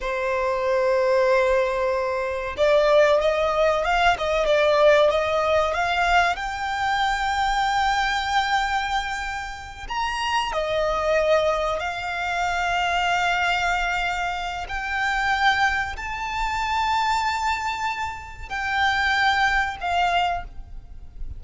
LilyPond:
\new Staff \with { instrumentName = "violin" } { \time 4/4 \tempo 4 = 94 c''1 | d''4 dis''4 f''8 dis''8 d''4 | dis''4 f''4 g''2~ | g''2.~ g''8 ais''8~ |
ais''8 dis''2 f''4.~ | f''2. g''4~ | g''4 a''2.~ | a''4 g''2 f''4 | }